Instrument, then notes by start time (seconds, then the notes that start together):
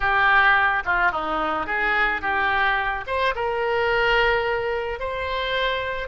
oboe
0.00 G4
0.85 F4
1.11 D#4
1.66 G#4
2.21 G4
3.06 C5
3.35 A#4
4.99 C5